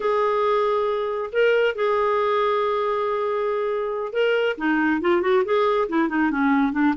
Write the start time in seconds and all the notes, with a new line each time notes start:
0.00 G#4
1.32 A#4
1.75 G#4
4.13 A#4
4.57 D#4
5.01 F4
5.21 F#4
5.44 G#4
5.88 E4
6.08 D#4
6.30 C#4
6.72 D4